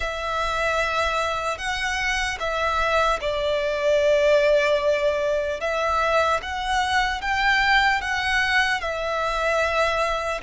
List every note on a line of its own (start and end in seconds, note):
0.00 1.57 E5
1.57 2.37 F#5
2.39 3.19 E5
3.20 5.60 D5
5.60 6.40 E5
6.42 7.21 F#5
7.21 8.01 G5
8.01 8.80 F#5
8.80 10.40 E5